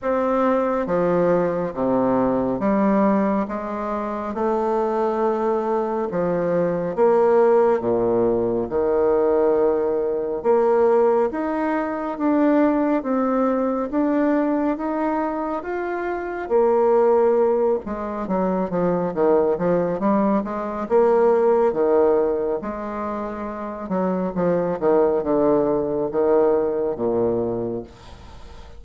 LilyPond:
\new Staff \with { instrumentName = "bassoon" } { \time 4/4 \tempo 4 = 69 c'4 f4 c4 g4 | gis4 a2 f4 | ais4 ais,4 dis2 | ais4 dis'4 d'4 c'4 |
d'4 dis'4 f'4 ais4~ | ais8 gis8 fis8 f8 dis8 f8 g8 gis8 | ais4 dis4 gis4. fis8 | f8 dis8 d4 dis4 ais,4 | }